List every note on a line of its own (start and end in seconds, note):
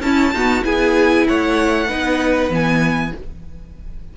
0.00 0.31 C#4
0.00 0.35 C#4
0.00 0.34 E4
0.00 0.64 A5
0.32 0.63 B3
0.32 0.63 D#4
0.32 0.65 F#4
0.63 1.27 B3
0.63 1.88 E4
0.63 1.28 G#4
0.63 1.27 G#5
1.27 1.92 A3
1.27 1.88 C#5
1.27 2.52 F#5
1.88 2.49 B3
1.88 2.50 D#4
1.88 3.13 B4
2.49 3.12 E3
2.49 3.13 B3
2.49 3.17 G#5